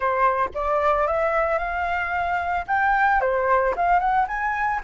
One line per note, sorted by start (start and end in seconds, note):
0.00 0.49 C5
0.54 1.07 D5
1.07 1.58 E5
1.58 2.65 F5
2.67 3.20 G5
3.20 3.74 C5
3.76 3.99 F5
3.99 4.26 F#5
4.27 4.81 G#5